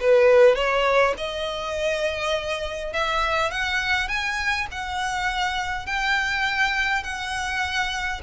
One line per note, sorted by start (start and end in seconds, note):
0.00 0.55 B4
0.55 1.14 C#5
1.17 2.93 D#5
2.93 3.51 E5
3.51 4.08 F#5
4.08 4.67 G#5
4.71 5.86 F#5
5.86 7.03 G5
7.03 8.21 F#5